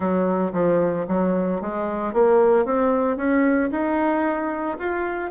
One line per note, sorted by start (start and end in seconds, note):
0.00 0.52 F#3
0.53 1.06 F3
1.08 1.61 F#3
1.61 2.13 G#3
2.13 2.65 A#3
2.65 3.16 C4
3.16 3.70 C#4
3.71 4.77 D#4
4.78 5.30 F4